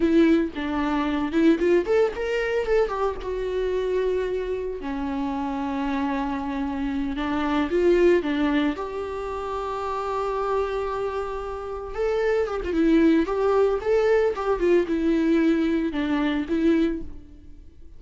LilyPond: \new Staff \with { instrumentName = "viola" } { \time 4/4 \tempo 4 = 113 e'4 d'4. e'8 f'8 a'8 | ais'4 a'8 g'8 fis'2~ | fis'4 cis'2.~ | cis'4. d'4 f'4 d'8~ |
d'8 g'2.~ g'8~ | g'2~ g'8 a'4 g'16 f'16 | e'4 g'4 a'4 g'8 f'8 | e'2 d'4 e'4 | }